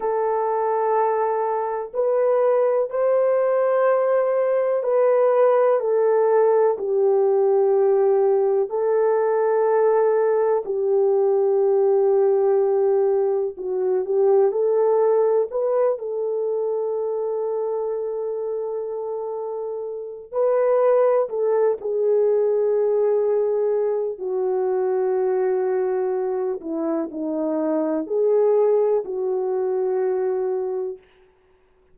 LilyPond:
\new Staff \with { instrumentName = "horn" } { \time 4/4 \tempo 4 = 62 a'2 b'4 c''4~ | c''4 b'4 a'4 g'4~ | g'4 a'2 g'4~ | g'2 fis'8 g'8 a'4 |
b'8 a'2.~ a'8~ | a'4 b'4 a'8 gis'4.~ | gis'4 fis'2~ fis'8 e'8 | dis'4 gis'4 fis'2 | }